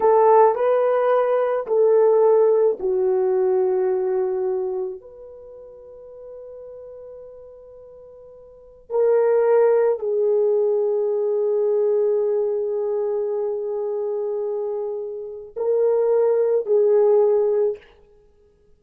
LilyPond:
\new Staff \with { instrumentName = "horn" } { \time 4/4 \tempo 4 = 108 a'4 b'2 a'4~ | a'4 fis'2.~ | fis'4 b'2.~ | b'1 |
ais'2 gis'2~ | gis'1~ | gis'1 | ais'2 gis'2 | }